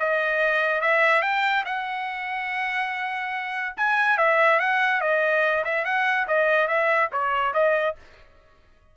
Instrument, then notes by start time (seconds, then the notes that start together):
trumpet
0.00 D#5
0.81 E5
1.22 G5
1.65 F#5
3.77 G#5
4.18 E5
4.60 F#5
5.01 D#5
5.65 E5
5.85 F#5
6.28 D#5
6.68 E5
7.12 C#5
7.54 D#5